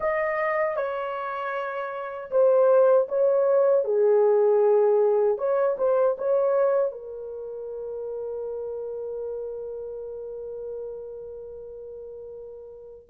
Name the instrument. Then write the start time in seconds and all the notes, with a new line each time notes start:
horn
0.00 D#5
0.76 C#5
2.30 C5
3.08 C#5
3.84 G#4
5.37 C#5
5.78 C5
6.17 C#5
6.91 A#4